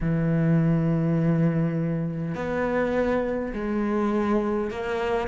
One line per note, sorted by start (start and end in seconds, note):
0.00 2.35 E3
2.35 3.52 B3
3.53 4.71 G#3
4.71 5.28 A#3